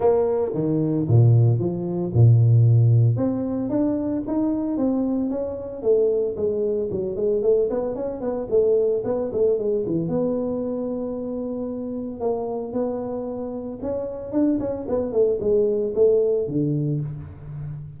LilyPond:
\new Staff \with { instrumentName = "tuba" } { \time 4/4 \tempo 4 = 113 ais4 dis4 ais,4 f4 | ais,2 c'4 d'4 | dis'4 c'4 cis'4 a4 | gis4 fis8 gis8 a8 b8 cis'8 b8 |
a4 b8 a8 gis8 e8 b4~ | b2. ais4 | b2 cis'4 d'8 cis'8 | b8 a8 gis4 a4 d4 | }